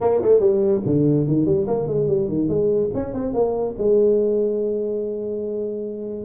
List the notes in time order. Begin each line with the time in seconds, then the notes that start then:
0.00 A#3
0.22 A3
0.40 G3
0.85 D3
1.27 D#3
1.45 G3
1.67 A#3
1.87 G#3
2.07 G3
2.28 D#3
2.48 G#3
2.94 C#4
3.13 C4
3.33 A#3
3.77 G#3